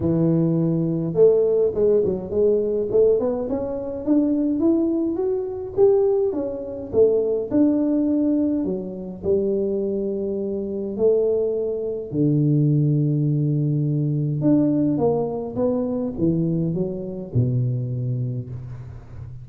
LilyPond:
\new Staff \with { instrumentName = "tuba" } { \time 4/4 \tempo 4 = 104 e2 a4 gis8 fis8 | gis4 a8 b8 cis'4 d'4 | e'4 fis'4 g'4 cis'4 | a4 d'2 fis4 |
g2. a4~ | a4 d2.~ | d4 d'4 ais4 b4 | e4 fis4 b,2 | }